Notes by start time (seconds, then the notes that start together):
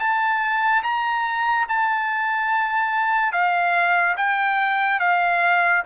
0.00 A5
0.84 A#5
1.69 A5
3.33 F5
4.17 G5
5.00 F5